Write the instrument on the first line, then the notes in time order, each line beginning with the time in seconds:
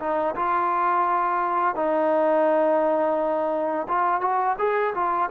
trombone
0.00 D#4
0.36 F4
1.76 D#4
3.89 F4
4.21 F#4
4.59 G#4
4.95 F4